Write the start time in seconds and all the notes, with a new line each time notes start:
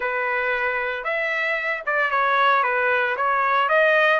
0.00 B4
1.04 E5
1.85 D5
2.11 C#5
2.63 B4
3.16 C#5
3.68 D#5